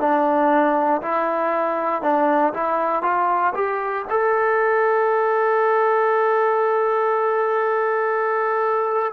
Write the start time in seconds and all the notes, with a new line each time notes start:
0.00 D4
1.02 E4
2.03 D4
2.54 E4
3.03 F4
3.55 G4
4.10 A4